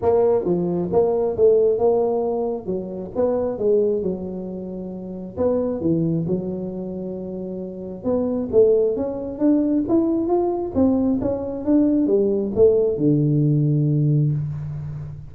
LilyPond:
\new Staff \with { instrumentName = "tuba" } { \time 4/4 \tempo 4 = 134 ais4 f4 ais4 a4 | ais2 fis4 b4 | gis4 fis2. | b4 e4 fis2~ |
fis2 b4 a4 | cis'4 d'4 e'4 f'4 | c'4 cis'4 d'4 g4 | a4 d2. | }